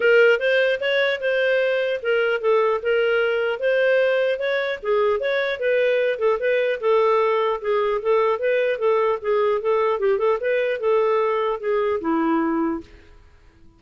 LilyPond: \new Staff \with { instrumentName = "clarinet" } { \time 4/4 \tempo 4 = 150 ais'4 c''4 cis''4 c''4~ | c''4 ais'4 a'4 ais'4~ | ais'4 c''2 cis''4 | gis'4 cis''4 b'4. a'8 |
b'4 a'2 gis'4 | a'4 b'4 a'4 gis'4 | a'4 g'8 a'8 b'4 a'4~ | a'4 gis'4 e'2 | }